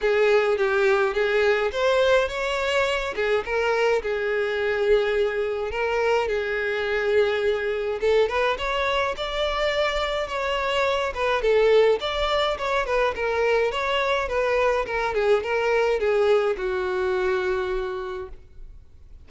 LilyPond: \new Staff \with { instrumentName = "violin" } { \time 4/4 \tempo 4 = 105 gis'4 g'4 gis'4 c''4 | cis''4. gis'8 ais'4 gis'4~ | gis'2 ais'4 gis'4~ | gis'2 a'8 b'8 cis''4 |
d''2 cis''4. b'8 | a'4 d''4 cis''8 b'8 ais'4 | cis''4 b'4 ais'8 gis'8 ais'4 | gis'4 fis'2. | }